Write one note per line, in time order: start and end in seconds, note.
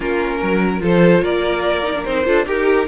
0.00 0.40 A#3
0.00 0.80 C#4
0.00 0.38 F4
0.00 0.83 A#4
0.40 0.80 F#3
0.40 0.81 A#4
0.80 1.21 F3
0.80 1.83 F4
0.80 1.23 A4
0.80 1.24 C5
1.22 2.04 A#3
1.22 2.25 A#4
1.22 2.04 D5
1.83 1.93 D#4
1.95 2.05 D4
2.04 2.26 C4
2.04 2.25 D#4
2.04 2.45 C5
2.25 2.46 D4
2.25 2.45 F4
2.25 2.46 A4
2.46 2.87 D#4
2.46 2.87 G4
2.46 2.88 A#4